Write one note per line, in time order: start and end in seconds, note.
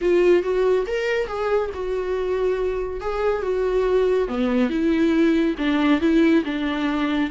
0.01 0.42 F4
0.42 0.85 F#4
0.86 1.27 A#4
1.27 1.70 G#4
1.74 3.00 F#4
3.00 3.42 G#4
3.42 4.27 F#4
4.27 4.69 B3
4.69 5.55 E4
5.58 6.00 D4
6.00 6.43 E4
6.44 7.30 D4